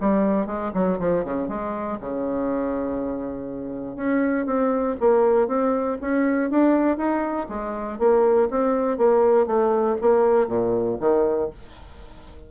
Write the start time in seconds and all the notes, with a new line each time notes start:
0.00 G3
0.46 G#3
0.74 F#3
0.99 F3
1.24 C#3
1.48 G#3
2.00 C#3
3.96 C#4
4.46 C4
5.00 A#3
5.47 C4
6.01 C#4
6.50 D4
6.97 D#4
7.49 G#3
7.99 A#3
8.50 C4
8.97 A#3
9.46 A3
10.01 A#3
10.47 A#2
11.00 D#3